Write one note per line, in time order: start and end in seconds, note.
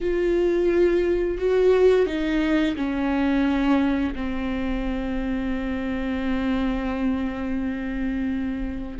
0.01 1.38 F4
1.38 2.06 F#4
2.06 2.75 D#4
2.76 4.14 C#4
4.15 8.97 C4